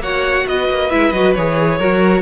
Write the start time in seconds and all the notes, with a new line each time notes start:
0.00 A#3 F#4 C#5 F#5
0.47 B3 B4 D#5
0.70 A#3
0.90 G#3 E4 E5
1.12 F#3 F#4 D#5
1.34 E3 G#4 C#5
1.78 F#3 F#4 A#4